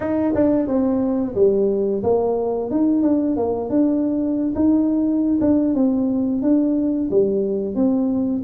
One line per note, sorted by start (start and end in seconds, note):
0.00 0.34 D#4
0.34 0.67 D4
0.67 1.34 C4
1.35 2.02 G3
2.03 2.70 A#3
2.70 3.02 D#4
3.02 3.36 D4
3.36 3.69 A#3
3.69 4.54 D4
4.55 5.39 D#4
5.40 5.74 D4
5.74 6.42 C4
6.42 7.09 D4
7.10 7.75 G3
7.75 8.42 C4